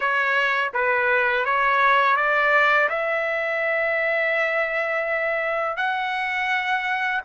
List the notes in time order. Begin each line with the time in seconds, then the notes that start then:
0.00 C#5
0.73 B4
1.45 C#5
2.16 D5
2.89 E5
5.76 F#5